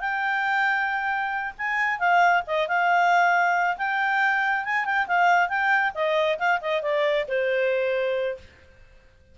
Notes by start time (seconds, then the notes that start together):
0.00 G5
1.58 G#5
1.99 F5
2.47 D#5
2.68 F5
3.78 G5
4.65 G#5
4.85 G5
5.07 F5
5.49 G5
5.94 D#5
6.39 F5
6.61 D#5
6.82 D5
7.28 C5